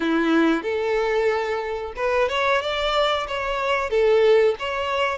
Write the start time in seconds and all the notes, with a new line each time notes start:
0.00 E4
0.63 A4
1.96 B4
2.28 C#5
2.61 D5
3.27 C#5
3.90 A4
4.59 C#5